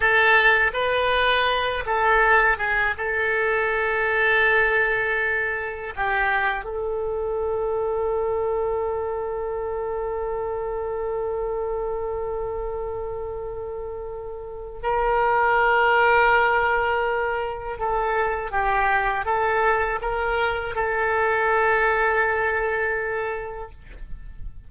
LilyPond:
\new Staff \with { instrumentName = "oboe" } { \time 4/4 \tempo 4 = 81 a'4 b'4. a'4 gis'8 | a'1 | g'4 a'2.~ | a'1~ |
a'1 | ais'1 | a'4 g'4 a'4 ais'4 | a'1 | }